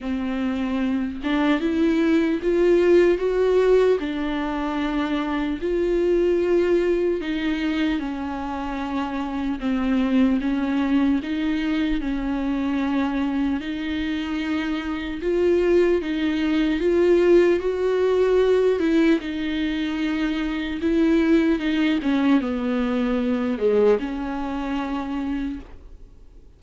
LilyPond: \new Staff \with { instrumentName = "viola" } { \time 4/4 \tempo 4 = 75 c'4. d'8 e'4 f'4 | fis'4 d'2 f'4~ | f'4 dis'4 cis'2 | c'4 cis'4 dis'4 cis'4~ |
cis'4 dis'2 f'4 | dis'4 f'4 fis'4. e'8 | dis'2 e'4 dis'8 cis'8 | b4. gis8 cis'2 | }